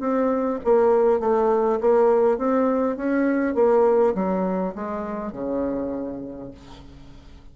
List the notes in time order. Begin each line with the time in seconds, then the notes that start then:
0.00 C4
0.64 A#3
1.20 A3
1.81 A#3
2.38 C4
2.96 C#4
3.55 A#3
4.15 F#3
4.75 G#3
5.32 C#3